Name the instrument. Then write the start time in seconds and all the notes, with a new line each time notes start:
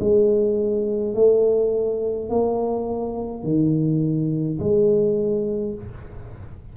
tuba
0.00 G#3
1.14 A3
2.30 A#3
3.44 D#3
4.59 G#3